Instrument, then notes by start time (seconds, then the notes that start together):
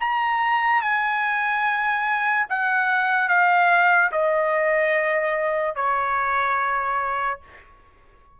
trumpet
0.00 A#5
0.81 G#5
2.49 F#5
3.28 F5
4.11 D#5
5.75 C#5